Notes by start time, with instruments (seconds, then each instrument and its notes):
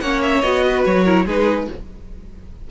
0.00 cello A#3, viola C#4, violin C#5 F#5
0.22 violin E5
0.42 cello B3, viola F#4, violin D#5
0.65 violin B4
0.85 cello F#3, violin C#5
1.04 viola E4, violin A#4
1.25 cello G#3, viola D#4, violin G#4 B4